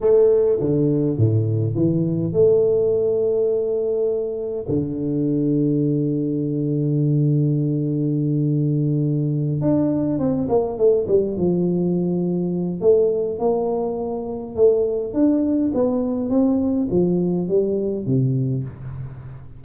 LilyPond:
\new Staff \with { instrumentName = "tuba" } { \time 4/4 \tempo 4 = 103 a4 d4 a,4 e4 | a1 | d1~ | d1~ |
d8 d'4 c'8 ais8 a8 g8 f8~ | f2 a4 ais4~ | ais4 a4 d'4 b4 | c'4 f4 g4 c4 | }